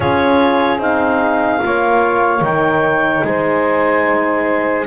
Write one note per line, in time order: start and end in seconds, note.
0.00 0.77 C#4
0.00 0.79 F4
0.00 1.60 G#4
0.00 0.80 C#5
0.77 1.58 C4
0.77 1.59 D#4
0.77 2.43 F5
1.59 2.40 A#3
1.59 2.40 F4
1.59 3.26 C#5
2.40 3.21 D#3
2.40 4.86 D#4
2.40 3.24 G5
3.23 4.86 G#3
3.23 4.86 C5
3.23 4.86 G#5